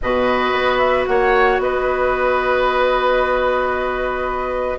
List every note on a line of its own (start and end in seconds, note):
0.01 0.52 B2
0.01 4.78 F#4
0.01 1.09 B4
0.01 0.77 D#5
0.52 1.05 B3
0.77 1.04 E5
1.06 1.58 A#3
1.06 1.62 C#5
1.06 1.59 F#5
1.58 4.77 B3
1.58 4.78 B4
1.58 4.78 D#5